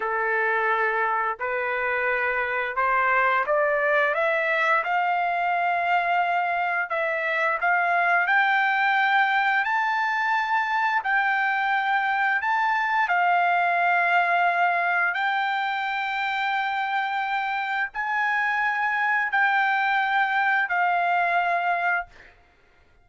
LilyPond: \new Staff \with { instrumentName = "trumpet" } { \time 4/4 \tempo 4 = 87 a'2 b'2 | c''4 d''4 e''4 f''4~ | f''2 e''4 f''4 | g''2 a''2 |
g''2 a''4 f''4~ | f''2 g''2~ | g''2 gis''2 | g''2 f''2 | }